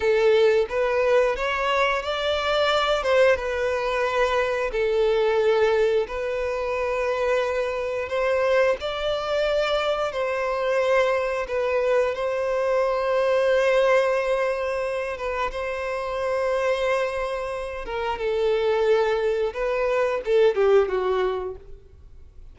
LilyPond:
\new Staff \with { instrumentName = "violin" } { \time 4/4 \tempo 4 = 89 a'4 b'4 cis''4 d''4~ | d''8 c''8 b'2 a'4~ | a'4 b'2. | c''4 d''2 c''4~ |
c''4 b'4 c''2~ | c''2~ c''8 b'8 c''4~ | c''2~ c''8 ais'8 a'4~ | a'4 b'4 a'8 g'8 fis'4 | }